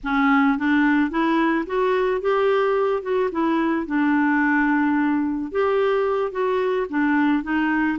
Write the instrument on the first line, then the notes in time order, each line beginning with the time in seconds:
clarinet
0.03 C#4
0.58 D4
1.10 E4
1.66 F#4
2.21 G4
3.02 F#4
3.31 E4
3.86 D4
5.51 G4
6.31 F#4
6.89 D4
7.43 D#4